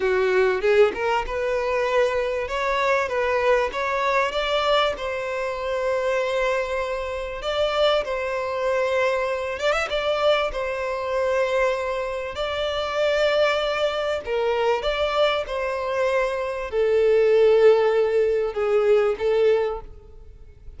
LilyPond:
\new Staff \with { instrumentName = "violin" } { \time 4/4 \tempo 4 = 97 fis'4 gis'8 ais'8 b'2 | cis''4 b'4 cis''4 d''4 | c''1 | d''4 c''2~ c''8 d''16 e''16 |
d''4 c''2. | d''2. ais'4 | d''4 c''2 a'4~ | a'2 gis'4 a'4 | }